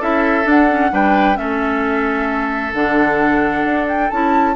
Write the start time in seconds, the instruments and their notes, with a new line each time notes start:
0.00 bassoon C#4, clarinet E4, oboe A4, flute E5
0.44 clarinet D4, bassoon D4, flute F#5
0.70 clarinet C#4
0.91 bassoon G3, clarinet D4, oboe B4, flute G5
1.35 bassoon A3, clarinet C#4, oboe A4, flute E5
2.74 bassoon D3, clarinet D4, flute F#5
3.65 bassoon D4
3.88 flute G5
4.10 bassoon C#4, clarinet E4, flute A5